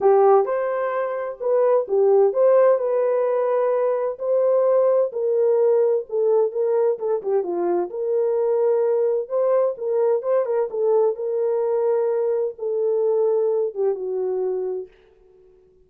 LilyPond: \new Staff \with { instrumentName = "horn" } { \time 4/4 \tempo 4 = 129 g'4 c''2 b'4 | g'4 c''4 b'2~ | b'4 c''2 ais'4~ | ais'4 a'4 ais'4 a'8 g'8 |
f'4 ais'2. | c''4 ais'4 c''8 ais'8 a'4 | ais'2. a'4~ | a'4. g'8 fis'2 | }